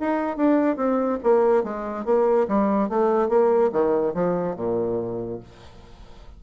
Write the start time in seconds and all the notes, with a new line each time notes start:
0.00 D#4
0.37 D4
0.77 C4
1.23 A#3
1.64 G#3
2.05 A#3
2.48 G3
2.89 A3
3.29 A#3
3.73 D#3
4.14 F3
4.56 A#2